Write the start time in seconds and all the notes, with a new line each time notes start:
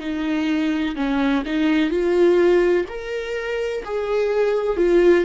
0.00 D#4
0.96 C#4
1.45 D#4
1.90 F4
2.88 A#4
3.84 G#4
4.77 F4